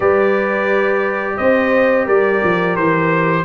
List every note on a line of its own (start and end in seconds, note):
0.00 1.37 G3
0.00 3.44 G4
0.00 1.35 B4
0.00 1.37 D5
1.37 2.07 C4
1.37 2.06 C5
1.37 2.06 D#5
2.06 2.41 G3
2.06 3.44 A#4
2.06 2.76 D5
2.43 2.77 F3
2.76 3.44 E3
2.76 3.44 C5